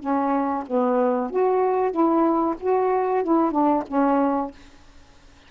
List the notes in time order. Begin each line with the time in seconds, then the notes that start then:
0.00 C#4
0.67 B3
1.30 F#4
1.91 E4
2.60 F#4
3.24 E4
3.52 D4
3.88 C#4